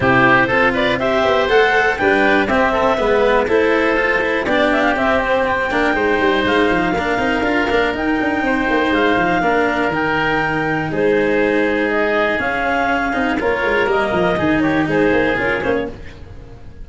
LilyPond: <<
  \new Staff \with { instrumentName = "clarinet" } { \time 4/4 \tempo 4 = 121 c''4. d''8 e''4 fis''4 | g''4 e''2 c''4~ | c''4 d''8 e''16 f''16 e''8 c''8 g''4~ | g''4 f''2. |
g''2 f''2 | g''2 c''2 | dis''4 f''2 cis''4 | dis''4. cis''8 c''4 ais'8 c''16 cis''16 | }
  \new Staff \with { instrumentName = "oboe" } { \time 4/4 g'4 a'8 b'8 c''2 | b'4 g'8 a'8 b'4 a'4~ | a'4 g'2~ g'8 ais'8 | c''2 ais'2~ |
ais'4 c''2 ais'4~ | ais'2 gis'2~ | gis'2. ais'4~ | ais'4 gis'8 g'8 gis'2 | }
  \new Staff \with { instrumentName = "cello" } { \time 4/4 e'4 f'4 g'4 a'4 | d'4 c'4 b4 e'4 | f'8 e'8 d'4 c'4. d'8 | dis'2 d'8 dis'8 f'8 d'8 |
dis'2. d'4 | dis'1~ | dis'4 cis'4. dis'8 f'4 | ais4 dis'2 f'8 cis'8 | }
  \new Staff \with { instrumentName = "tuba" } { \time 4/4 c4 c'4. b8 a4 | g4 c'4 gis4 a4~ | a4 b4 c'4. ais8 | gis8 g8 gis8 f8 ais8 c'8 d'8 ais8 |
dis'8 d'8 c'8 ais8 gis8 f8 ais4 | dis2 gis2~ | gis4 cis'4. c'8 ais8 gis8 | g8 f8 dis4 gis8 ais8 cis'8 ais8 | }
>>